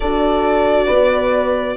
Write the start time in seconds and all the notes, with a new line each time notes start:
0.00 D4 F#4 A4 D5
0.86 B3 B4